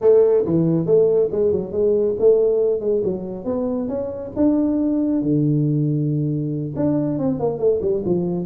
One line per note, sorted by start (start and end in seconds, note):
0.01 0.44 A3
0.45 0.86 E3
0.86 1.29 A3
1.31 1.52 G#3
1.52 1.72 F#3
1.72 2.15 G#3
2.19 2.80 A3
2.80 3.02 G#3
3.04 3.44 F#3
3.44 3.88 B3
3.88 4.31 C#4
4.36 5.22 D4
5.22 6.74 D3
6.75 7.19 D4
7.19 7.39 C4
7.39 7.58 A#3
7.58 7.80 A3
7.81 8.03 G3
8.05 8.45 F3